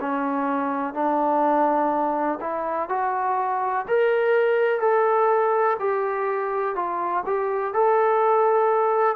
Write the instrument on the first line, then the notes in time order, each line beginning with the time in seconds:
trombone
0.00 C#4
0.94 D4
2.40 E4
2.89 F#4
3.88 A#4
4.80 A4
5.79 G4
6.75 F4
7.25 G4
7.73 A4